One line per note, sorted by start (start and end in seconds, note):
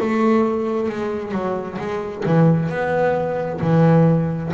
0.00 0.89 A3
0.89 1.31 G#3
1.31 1.77 F#3
1.78 2.24 G#3
2.25 2.69 E3
2.69 3.60 B3
3.61 4.52 E3